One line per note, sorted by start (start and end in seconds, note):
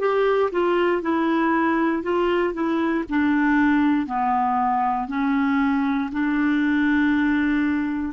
0.00 0.51 G4
0.52 1.02 F4
1.02 2.03 E4
2.03 2.54 F4
2.54 3.05 E4
3.10 4.07 D4
4.07 5.08 B3
5.08 6.10 C#4
6.12 8.13 D4